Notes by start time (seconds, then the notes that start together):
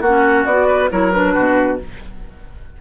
0.00 A#3 C#4 F#4 F#5
0.45 B3 F#4 D5
0.67 B4
0.90 F#3 E4 A#4 C#5
1.11 D4 B4
1.33 B2 F#4